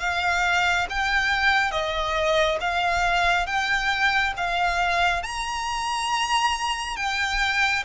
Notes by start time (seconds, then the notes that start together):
0.00 F5
0.90 G5
1.71 D#5
2.60 F5
3.46 G5
4.37 F5
5.23 A#5
6.96 G5